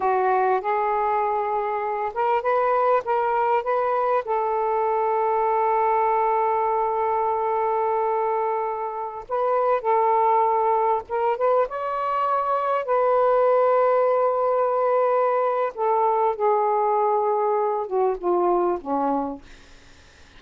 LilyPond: \new Staff \with { instrumentName = "saxophone" } { \time 4/4 \tempo 4 = 99 fis'4 gis'2~ gis'8 ais'8 | b'4 ais'4 b'4 a'4~ | a'1~ | a'2.~ a'16 b'8.~ |
b'16 a'2 ais'8 b'8 cis''8.~ | cis''4~ cis''16 b'2~ b'8.~ | b'2 a'4 gis'4~ | gis'4. fis'8 f'4 cis'4 | }